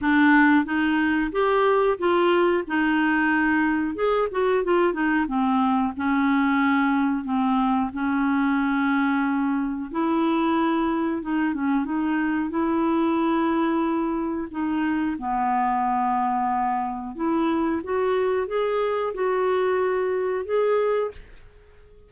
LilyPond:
\new Staff \with { instrumentName = "clarinet" } { \time 4/4 \tempo 4 = 91 d'4 dis'4 g'4 f'4 | dis'2 gis'8 fis'8 f'8 dis'8 | c'4 cis'2 c'4 | cis'2. e'4~ |
e'4 dis'8 cis'8 dis'4 e'4~ | e'2 dis'4 b4~ | b2 e'4 fis'4 | gis'4 fis'2 gis'4 | }